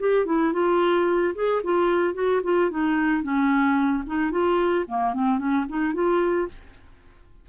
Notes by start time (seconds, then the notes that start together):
0.00 G4
0.26 E4
0.53 F4
1.35 G#4
1.64 F4
2.15 F#4
2.44 F4
2.71 D#4
3.23 C#4
4.07 D#4
4.32 F4
4.88 A#3
5.14 C4
5.39 C#4
5.69 D#4
5.94 F4